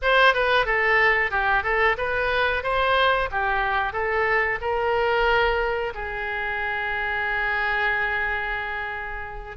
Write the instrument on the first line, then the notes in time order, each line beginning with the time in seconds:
oboe
0.02 C5
0.34 B4
0.65 A4
1.30 G4
1.63 A4
1.98 B4
2.63 C5
3.31 G4
3.93 A4
4.61 A#4
5.94 G#4